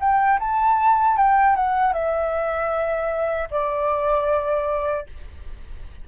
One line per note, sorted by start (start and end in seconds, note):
0.00 0.39 G5
0.39 1.17 A5
1.17 1.56 G5
1.56 1.93 F#5
1.93 3.49 E5
3.51 5.06 D5